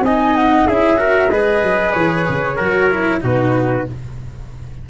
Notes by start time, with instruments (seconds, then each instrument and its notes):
0.00 tuba C4, trumpet D#5, flute G#5
0.07 cello D#4
0.36 flute F#5
0.67 tuba C#4, cello E4, trumpet G#4, flute E5
0.97 cello F#4, trumpet A#4
1.31 tuba G#3, cello G#4, trumpet B4, flute D#5
1.63 tuba F#3
1.93 tuba E3, flute C#5
2.29 tuba C#3
2.56 tuba F#3, cello F#4, trumpet A#4
2.90 cello E4
3.21 tuba B2, cello D#4, trumpet F#4, flute B4